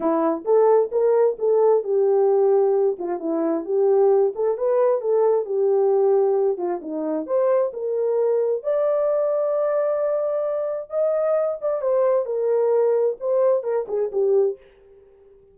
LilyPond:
\new Staff \with { instrumentName = "horn" } { \time 4/4 \tempo 4 = 132 e'4 a'4 ais'4 a'4 | g'2~ g'8 f'8 e'4 | g'4. a'8 b'4 a'4 | g'2~ g'8 f'8 dis'4 |
c''4 ais'2 d''4~ | d''1 | dis''4. d''8 c''4 ais'4~ | ais'4 c''4 ais'8 gis'8 g'4 | }